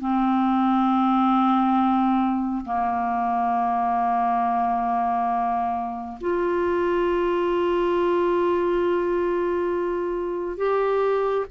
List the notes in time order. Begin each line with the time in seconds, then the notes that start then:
0.00 C4
2.65 A#3
6.21 F4
10.58 G4